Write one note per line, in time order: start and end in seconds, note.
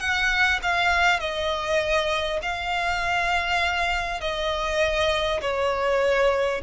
0.00 0.60 F#5
0.63 1.20 F5
1.20 2.40 D#5
2.42 4.21 F5
4.21 5.41 D#5
5.42 6.62 C#5